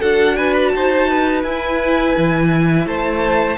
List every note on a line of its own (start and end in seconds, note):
0.00 0.74 D4
0.00 1.44 F#4
0.00 0.36 A4
0.00 0.36 F#5
0.36 0.73 B4
0.36 0.54 G#5
0.54 0.69 B5
0.69 1.44 D#4
0.69 1.40 A5
0.76 1.10 C5
1.10 2.87 B4
1.43 2.15 E4
1.43 3.58 E4
1.43 2.86 G#5
2.17 2.86 E3
2.86 3.58 A3
2.86 3.58 C5
2.86 3.58 A5